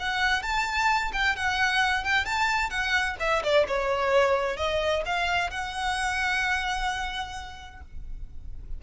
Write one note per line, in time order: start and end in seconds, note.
0.00 0.43 F#5
0.43 1.12 A5
1.13 1.36 G5
1.36 2.04 F#5
2.04 2.26 G5
2.26 2.70 A5
2.70 3.17 F#5
3.20 3.43 E5
3.44 3.67 D5
3.68 4.57 C#5
4.57 5.03 D#5
5.06 5.51 F5
5.51 7.81 F#5